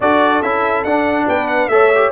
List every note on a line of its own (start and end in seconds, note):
0.00 0.42 D4
0.00 0.43 F#4
0.00 1.27 A4
0.00 0.42 D5
0.42 0.84 C#4
0.42 0.86 E4
0.42 0.84 E5
0.84 1.26 D4
0.84 1.70 D4
0.84 1.26 F#5
1.27 1.68 B3
1.27 1.69 B4
1.27 1.47 G5
1.47 1.68 F#5
1.68 2.10 A3
1.68 1.91 A4
1.68 2.11 C#5
1.68 2.10 E5
1.95 2.11 G4